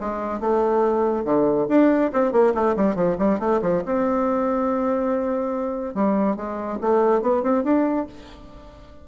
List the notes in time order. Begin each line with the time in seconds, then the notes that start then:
0.00 G#3
0.40 A3
1.24 D3
1.68 D4
2.13 C4
2.32 A#3
2.54 A3
2.76 G3
2.95 F3
3.18 G3
3.39 A3
3.62 F3
3.85 C4
5.94 G3
6.36 G#3
6.81 A3
7.21 B3
7.43 C4
7.64 D4